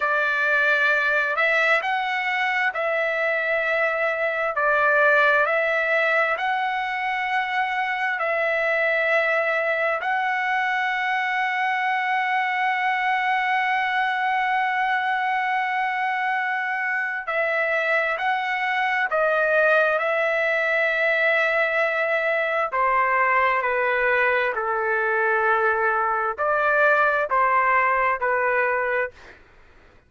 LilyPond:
\new Staff \with { instrumentName = "trumpet" } { \time 4/4 \tempo 4 = 66 d''4. e''8 fis''4 e''4~ | e''4 d''4 e''4 fis''4~ | fis''4 e''2 fis''4~ | fis''1~ |
fis''2. e''4 | fis''4 dis''4 e''2~ | e''4 c''4 b'4 a'4~ | a'4 d''4 c''4 b'4 | }